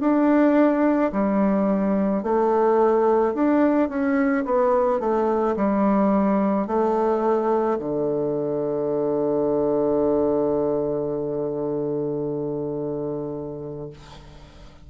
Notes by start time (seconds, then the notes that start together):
0.00 D4
1.12 G3
2.23 A3
3.34 D4
3.89 C#4
4.45 B3
5.00 A3
5.56 G3
6.67 A3
7.79 D3